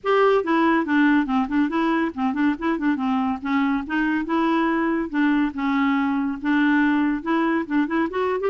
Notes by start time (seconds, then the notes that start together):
0.03 G4
0.44 E4
0.85 D4
1.26 C4
1.48 D4
1.69 E4
2.14 C4
2.33 D4
2.58 E4
2.78 D4
2.96 C4
3.41 C#4
3.86 D#4
4.25 E4
5.09 D4
5.53 C#4
6.41 D4
7.22 E4
7.66 D4
7.87 E4
8.10 F#4
8.40 G4